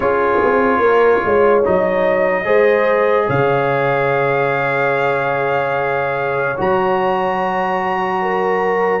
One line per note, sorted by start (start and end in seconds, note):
0.00 0.39 C#4
0.00 1.63 F4
0.00 0.80 G#4
0.00 1.62 C#5
0.43 0.79 C4
0.79 1.20 A#3
0.79 1.22 A#4
1.24 1.66 G#3
1.24 2.45 C#5
1.63 2.46 F#3
1.63 2.44 D#4
1.63 3.29 D#5
2.44 3.28 G#3
2.44 6.55 G#4
2.44 3.26 C5
3.26 6.57 C#3
3.26 8.20 C#5
3.26 6.58 F5
6.57 9.00 F#3
6.57 9.00 F#4
6.57 9.00 A#5
8.21 9.00 A#4